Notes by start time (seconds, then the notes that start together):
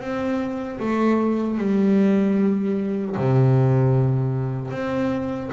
0.00 C4
0.79 A3
1.58 G3
3.17 C3
4.71 C4